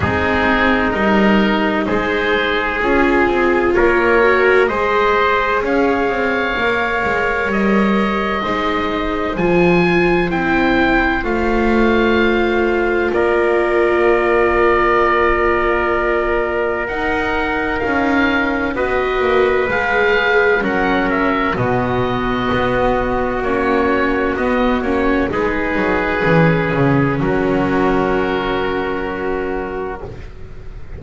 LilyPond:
<<
  \new Staff \with { instrumentName = "oboe" } { \time 4/4 \tempo 4 = 64 gis'4 ais'4 c''4 gis'4 | cis''4 dis''4 f''2 | dis''2 gis''4 g''4 | f''2 d''2~ |
d''2 fis''4 f''4 | dis''4 f''4 fis''8 e''8 dis''4~ | dis''4 cis''4 dis''8 cis''8 b'4~ | b'4 ais'2. | }
  \new Staff \with { instrumentName = "trumpet" } { \time 4/4 dis'2 gis'2 | ais'4 c''4 cis''2~ | cis''4 c''2.~ | c''2 ais'2~ |
ais'1 | b'2 ais'4 fis'4~ | fis'2. gis'4~ | gis'4 fis'2. | }
  \new Staff \with { instrumentName = "viola" } { \time 4/4 c'4 dis'2 f'4~ | f'8 fis'8 gis'2 ais'4~ | ais'4 dis'4 f'4 e'4 | f'1~ |
f'2 dis'2 | fis'4 gis'4 cis'4 b4~ | b4 cis'4 b8 cis'8 dis'4 | cis'1 | }
  \new Staff \with { instrumentName = "double bass" } { \time 4/4 gis4 g4 gis4 cis'8 c'8 | ais4 gis4 cis'8 c'8 ais8 gis8 | g4 gis4 f4 c'4 | a2 ais2~ |
ais2 dis'4 cis'4 | b8 ais8 gis4 fis4 b,4 | b4 ais4 b8 ais8 gis8 fis8 | e8 cis8 fis2. | }
>>